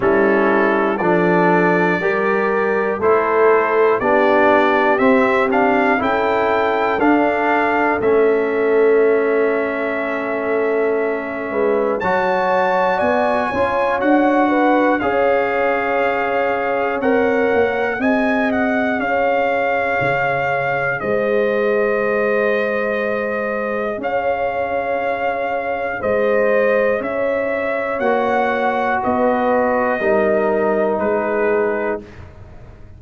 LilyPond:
<<
  \new Staff \with { instrumentName = "trumpet" } { \time 4/4 \tempo 4 = 60 a'4 d''2 c''4 | d''4 e''8 f''8 g''4 f''4 | e''1 | a''4 gis''4 fis''4 f''4~ |
f''4 fis''4 gis''8 fis''8 f''4~ | f''4 dis''2. | f''2 dis''4 e''4 | fis''4 dis''2 b'4 | }
  \new Staff \with { instrumentName = "horn" } { \time 4/4 e'4 a'4 ais'4 a'4 | g'2 a'2~ | a'2.~ a'8 b'8 | cis''4 d''8 cis''4 b'8 cis''4~ |
cis''2 dis''4 cis''4~ | cis''4 c''2. | cis''2 c''4 cis''4~ | cis''4 b'4 ais'4 gis'4 | }
  \new Staff \with { instrumentName = "trombone" } { \time 4/4 cis'4 d'4 g'4 e'4 | d'4 c'8 d'8 e'4 d'4 | cis'1 | fis'4. f'8 fis'4 gis'4~ |
gis'4 ais'4 gis'2~ | gis'1~ | gis'1 | fis'2 dis'2 | }
  \new Staff \with { instrumentName = "tuba" } { \time 4/4 g4 f4 g4 a4 | b4 c'4 cis'4 d'4 | a2.~ a8 gis8 | fis4 b8 cis'8 d'4 cis'4~ |
cis'4 c'8 ais8 c'4 cis'4 | cis4 gis2. | cis'2 gis4 cis'4 | ais4 b4 g4 gis4 | }
>>